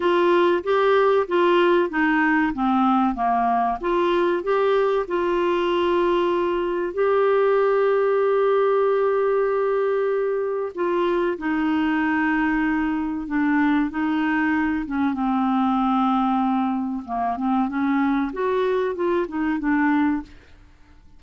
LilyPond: \new Staff \with { instrumentName = "clarinet" } { \time 4/4 \tempo 4 = 95 f'4 g'4 f'4 dis'4 | c'4 ais4 f'4 g'4 | f'2. g'4~ | g'1~ |
g'4 f'4 dis'2~ | dis'4 d'4 dis'4. cis'8 | c'2. ais8 c'8 | cis'4 fis'4 f'8 dis'8 d'4 | }